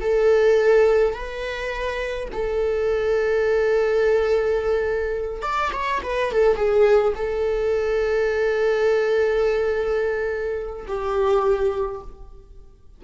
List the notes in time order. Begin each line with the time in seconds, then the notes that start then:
0.00 A4
1.14 B4
2.32 A4
5.42 D5
5.72 C#5
6.03 B4
6.31 A4
6.56 G#4
7.15 A4
10.87 G4